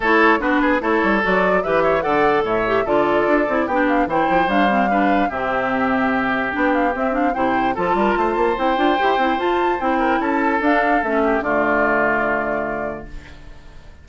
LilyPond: <<
  \new Staff \with { instrumentName = "flute" } { \time 4/4 \tempo 4 = 147 cis''4 b'4 cis''4 d''4 | e''4 fis''4 e''4 d''4~ | d''4 g''8 f''8 g''4 f''4~ | f''4 e''2. |
g''8 f''8 e''8 f''8 g''4 a''4~ | a''4 g''2 a''4 | g''4 a''4 f''4 e''4 | d''1 | }
  \new Staff \with { instrumentName = "oboe" } { \time 4/4 a'4 fis'8 gis'8 a'2 | b'8 cis''8 d''4 cis''4 a'4~ | a'4 g'4 c''2 | b'4 g'2.~ |
g'2 c''4 a'8 ais'8 | c''1~ | c''8 ais'8 a'2~ a'8 g'8 | f'1 | }
  \new Staff \with { instrumentName = "clarinet" } { \time 4/4 e'4 d'4 e'4 fis'4 | g'4 a'4. g'8 f'4~ | f'8 e'8 d'4 e'4 d'8 c'8 | d'4 c'2. |
d'4 c'8 d'8 e'4 f'4~ | f'4 e'8 f'8 g'8 e'8 f'4 | e'2 d'4 cis'4 | a1 | }
  \new Staff \with { instrumentName = "bassoon" } { \time 4/4 a4 b4 a8 g8 fis4 | e4 d4 a,4 d4 | d'8 c'8 b4 e8 f8 g4~ | g4 c2. |
b4 c'4 c4 f8 g8 | a8 ais8 c'8 d'8 e'8 c'8 f'4 | c'4 cis'4 d'4 a4 | d1 | }
>>